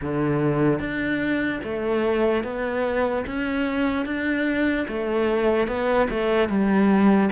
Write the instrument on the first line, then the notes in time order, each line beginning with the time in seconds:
cello
0.01 D3
0.79 D4
1.63 A3
2.43 B3
3.26 C#4
4.05 D4
4.88 A3
5.67 B3
6.10 A3
6.48 G3